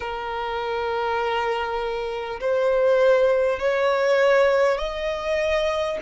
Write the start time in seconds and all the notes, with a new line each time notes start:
0.00 A#4
2.40 C5
3.59 C#5
4.77 D#5